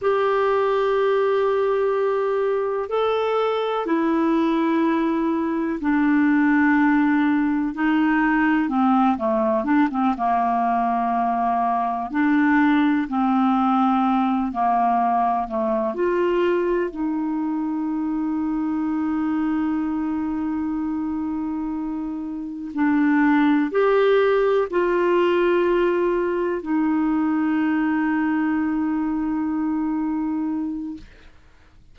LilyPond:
\new Staff \with { instrumentName = "clarinet" } { \time 4/4 \tempo 4 = 62 g'2. a'4 | e'2 d'2 | dis'4 c'8 a8 d'16 c'16 ais4.~ | ais8 d'4 c'4. ais4 |
a8 f'4 dis'2~ dis'8~ | dis'2.~ dis'8 d'8~ | d'8 g'4 f'2 dis'8~ | dis'1 | }